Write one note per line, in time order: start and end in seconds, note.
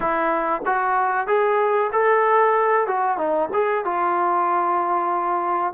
0.00 0.62 E4
0.65 1.27 F#4
1.27 1.91 G#4
1.92 2.87 A4
2.87 3.17 F#4
3.17 3.49 D#4
3.53 3.84 G#4
3.84 5.73 F4